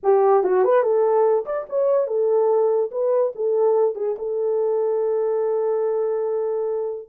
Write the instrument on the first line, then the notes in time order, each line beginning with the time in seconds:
horn
0.03 G4
0.43 F#4
0.64 B4
0.82 A4
1.45 D5
1.69 C#5
2.07 A4
2.91 B4
3.35 A4
3.95 G#4
4.18 A4